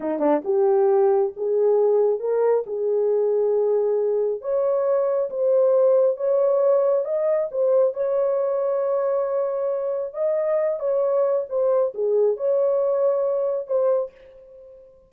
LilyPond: \new Staff \with { instrumentName = "horn" } { \time 4/4 \tempo 4 = 136 dis'8 d'8 g'2 gis'4~ | gis'4 ais'4 gis'2~ | gis'2 cis''2 | c''2 cis''2 |
dis''4 c''4 cis''2~ | cis''2. dis''4~ | dis''8 cis''4. c''4 gis'4 | cis''2. c''4 | }